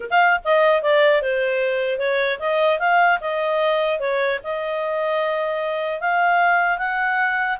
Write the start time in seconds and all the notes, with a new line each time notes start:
0.00 A#4
0.10 F5
0.44 D#5
0.82 D5
1.21 C5
1.98 C#5
2.39 D#5
2.79 F5
3.20 D#5
3.99 C#5
4.43 D#5
6.00 F5
6.78 F#5